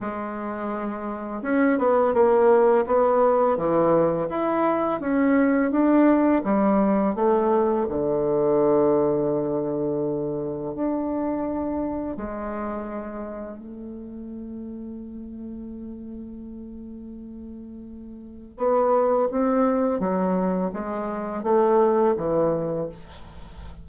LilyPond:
\new Staff \with { instrumentName = "bassoon" } { \time 4/4 \tempo 4 = 84 gis2 cis'8 b8 ais4 | b4 e4 e'4 cis'4 | d'4 g4 a4 d4~ | d2. d'4~ |
d'4 gis2 a4~ | a1~ | a2 b4 c'4 | fis4 gis4 a4 e4 | }